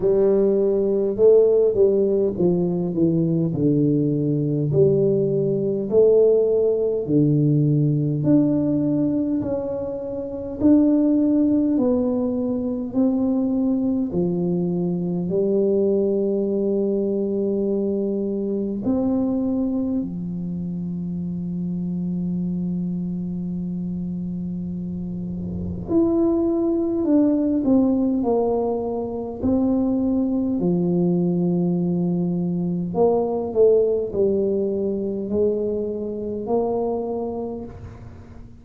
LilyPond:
\new Staff \with { instrumentName = "tuba" } { \time 4/4 \tempo 4 = 51 g4 a8 g8 f8 e8 d4 | g4 a4 d4 d'4 | cis'4 d'4 b4 c'4 | f4 g2. |
c'4 f2.~ | f2 e'4 d'8 c'8 | ais4 c'4 f2 | ais8 a8 g4 gis4 ais4 | }